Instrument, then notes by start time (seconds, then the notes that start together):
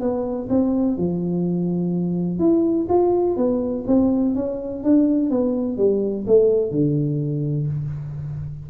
tuba
0.00 B3
0.49 C4
0.98 F3
2.39 E4
2.89 F4
3.36 B3
3.87 C4
4.35 C#4
4.83 D4
5.30 B3
5.77 G3
6.27 A3
6.71 D3